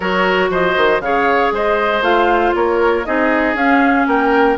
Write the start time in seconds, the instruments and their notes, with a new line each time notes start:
0.00 bassoon F#3, clarinet F#4, oboe A#4, flute C#5
0.49 bassoon F3, oboe C5, flute D#5
0.76 bassoon D#3
1.00 bassoon C#3, clarinet G#4, oboe C#5, flute F5
1.51 bassoon G#3, oboe C5, flute D#5
2.01 bassoon A3, clarinet F4, flute F5
2.55 bassoon A#3, oboe A#4, flute C#5
3.05 bassoon C4, clarinet D#4, oboe G#4, flute D#5
3.54 bassoon C#4, clarinet C#4, flute F5
4.06 bassoon A#3, oboe A#4, flute G5